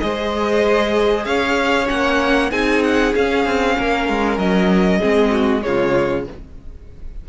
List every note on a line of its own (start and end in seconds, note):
0.00 1.26 G#3
0.00 1.87 G#4
0.00 1.27 C5
0.00 1.25 D#5
1.25 1.88 C#4
1.25 2.51 C#5
1.25 1.88 F5
1.87 2.51 A#3
1.87 2.49 C#4
1.87 2.51 F#5
2.51 3.14 C4
2.51 3.14 D#4
2.51 3.76 G#4
2.51 2.83 G#5
2.84 3.15 F#5
3.15 5.01 C#4
3.15 3.46 C#4
3.15 4.39 F5
3.46 3.77 C4
3.78 4.09 A#3
3.78 4.99 A#4
4.09 4.38 G#3
4.38 5.00 F#3
4.38 5.63 D#5
4.99 5.65 G#3
4.99 5.62 C4
4.99 5.30 G#4
5.31 5.62 F#4
5.62 6.27 C#3
5.62 6.24 G#3
5.62 6.29 F4
5.62 6.25 C#5